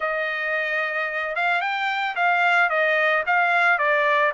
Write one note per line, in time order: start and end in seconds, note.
0.00 1.35 D#5
1.35 1.61 F5
1.61 2.15 G5
2.15 2.69 F5
2.69 3.23 D#5
3.26 3.78 F5
3.78 4.32 D5